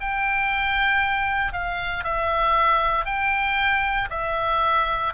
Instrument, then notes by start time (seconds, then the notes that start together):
oboe
0.00 G5
1.52 F5
2.04 E5
3.05 G5
4.10 E5